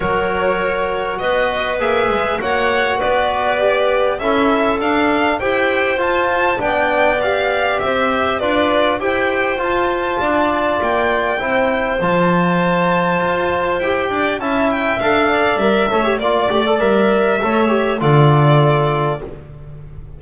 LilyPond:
<<
  \new Staff \with { instrumentName = "violin" } { \time 4/4 \tempo 4 = 100 cis''2 dis''4 e''4 | fis''4 d''2 e''4 | f''4 g''4 a''4 g''4 | f''4 e''4 d''4 g''4 |
a''2 g''2 | a''2. g''4 | a''8 g''8 f''4 e''4 d''4 | e''2 d''2 | }
  \new Staff \with { instrumentName = "clarinet" } { \time 4/4 ais'2 b'2 | cis''4 b'2 a'4~ | a'4 c''2 d''4~ | d''4 c''4 b'4 c''4~ |
c''4 d''2 c''4~ | c''2.~ c''8 d''8 | e''4. d''4 cis''8 d''4~ | d''4 cis''4 a'2 | }
  \new Staff \with { instrumentName = "trombone" } { \time 4/4 fis'2. gis'4 | fis'2 g'4 e'4 | d'4 g'4 f'4 d'4 | g'2 f'4 g'4 |
f'2. e'4 | f'2. g'4 | e'4 a'4 ais'8 a'16 g'16 f'8 g'16 a'16 | ais'4 a'8 g'8 f'2 | }
  \new Staff \with { instrumentName = "double bass" } { \time 4/4 fis2 b4 ais8 gis8 | ais4 b2 cis'4 | d'4 e'4 f'4 b4~ | b4 c'4 d'4 e'4 |
f'4 d'4 ais4 c'4 | f2 f'4 e'8 d'8 | cis'4 d'4 g8 a8 ais8 a8 | g4 a4 d2 | }
>>